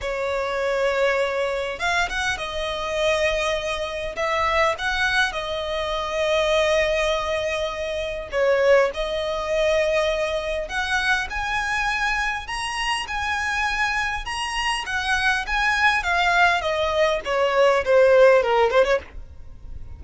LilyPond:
\new Staff \with { instrumentName = "violin" } { \time 4/4 \tempo 4 = 101 cis''2. f''8 fis''8 | dis''2. e''4 | fis''4 dis''2.~ | dis''2 cis''4 dis''4~ |
dis''2 fis''4 gis''4~ | gis''4 ais''4 gis''2 | ais''4 fis''4 gis''4 f''4 | dis''4 cis''4 c''4 ais'8 c''16 cis''16 | }